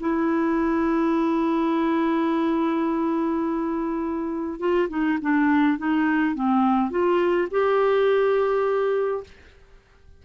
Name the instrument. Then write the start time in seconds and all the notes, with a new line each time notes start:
clarinet
0.00 E4
4.59 F4
4.89 D#4
5.22 D4
5.78 D#4
6.35 C4
6.90 F4
7.51 G4